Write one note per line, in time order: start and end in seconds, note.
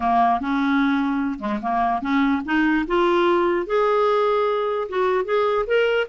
0.00 0.40 A#3
0.40 1.39 C#4
1.39 1.59 G#3
1.62 2.01 A#3
2.01 2.42 C#4
2.45 2.85 D#4
2.87 3.66 F4
3.66 4.88 G#4
4.89 5.25 F#4
5.25 5.65 G#4
5.66 6.07 A#4